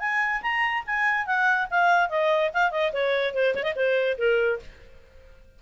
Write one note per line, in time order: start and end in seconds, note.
0.00 0.42 G#5
0.42 0.84 A#5
0.87 1.27 G#5
1.27 1.68 F#5
1.71 2.10 F5
2.10 2.51 D#5
2.54 2.71 F5
2.71 2.92 D#5
2.93 3.34 C#5
3.34 3.55 C5
3.55 3.63 C#5
3.63 3.74 D#5
3.76 4.17 C5
4.18 4.60 A#4